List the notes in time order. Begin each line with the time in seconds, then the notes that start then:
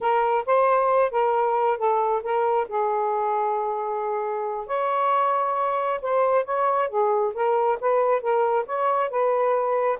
0.00 A#4
0.46 C5
1.11 A#4
1.77 A4
2.23 A#4
2.68 G#4
4.67 C#5
6.01 C5
6.44 C#5
6.88 G#4
7.34 A#4
7.80 B4
8.21 A#4
8.66 C#5
9.09 B4